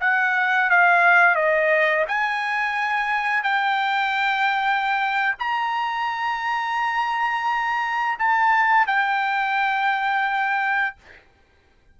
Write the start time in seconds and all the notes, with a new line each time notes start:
0.00 F#5
0.70 F5
1.35 D#5
2.08 G#5
3.43 G5
5.39 A#5
8.18 A5
8.87 G5